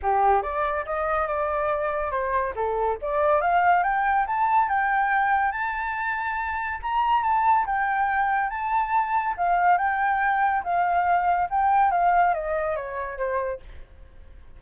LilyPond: \new Staff \with { instrumentName = "flute" } { \time 4/4 \tempo 4 = 141 g'4 d''4 dis''4 d''4~ | d''4 c''4 a'4 d''4 | f''4 g''4 a''4 g''4~ | g''4 a''2. |
ais''4 a''4 g''2 | a''2 f''4 g''4~ | g''4 f''2 g''4 | f''4 dis''4 cis''4 c''4 | }